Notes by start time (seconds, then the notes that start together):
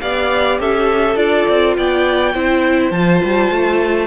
0.00 B3 G4 D5 F5
0.59 C#4 A4 E5
1.15 D4 F4 D5
1.49 C4
1.76 B3 D5 G5
2.34 C4 E4 C5
2.91 F3 F4 A5
3.24 G3
3.50 A3